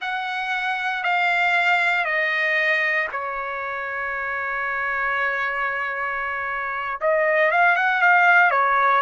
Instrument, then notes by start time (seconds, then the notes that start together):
trumpet
0.01 F#5
1.03 F5
2.04 D#5
3.12 C#5
7.01 D#5
7.50 F5
7.76 F#5
8.01 F5
8.51 C#5